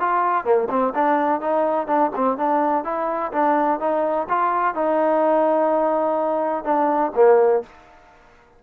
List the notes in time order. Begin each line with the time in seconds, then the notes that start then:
0.00 F4
0.45 A#3
0.70 C4
0.95 D4
1.41 D#4
1.87 D4
2.16 C4
2.37 D4
2.84 E4
3.32 D4
3.80 D#4
4.29 F4
4.75 D#4
6.64 D4
7.15 A#3